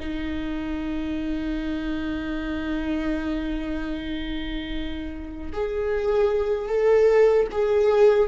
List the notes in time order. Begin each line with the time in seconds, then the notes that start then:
0.00 D#4
5.53 G#4
6.69 A4
7.52 G#4